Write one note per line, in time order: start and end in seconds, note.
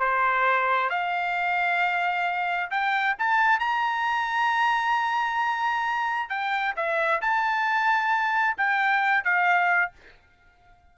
0.00 0.90 C5
0.90 2.71 F5
2.71 3.16 G5
3.19 3.60 A5
3.60 6.30 A#5
6.30 6.75 G5
6.77 7.22 E5
7.22 8.57 A5
8.58 9.25 G5
9.25 9.92 F5